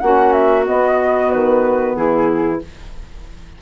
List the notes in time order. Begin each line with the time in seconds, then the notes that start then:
0.00 A#3 C#4 F#4 F#5
0.33 E5
0.63 B3 D#5
0.70 B3
1.32 D#3 B4
1.96 E3 E4 G#4